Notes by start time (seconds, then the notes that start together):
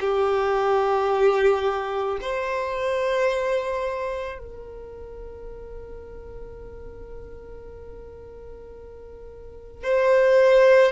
0.00 G4
2.21 C5
4.38 A#4
9.83 C5